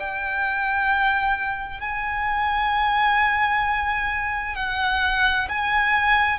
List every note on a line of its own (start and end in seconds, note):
0.00 1.80 G5
1.80 4.56 G#5
4.56 5.48 F#5
5.49 6.39 G#5